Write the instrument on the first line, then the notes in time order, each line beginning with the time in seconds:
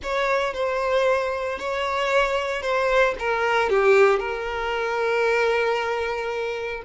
violin
0.02 C#5
0.53 C5
1.58 C#5
2.62 C5
3.19 A#4
3.69 G4
4.19 A#4